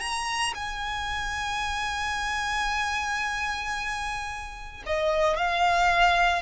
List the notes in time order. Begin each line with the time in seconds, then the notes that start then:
0.00 A#5
0.55 G#5
4.86 D#5
5.37 F5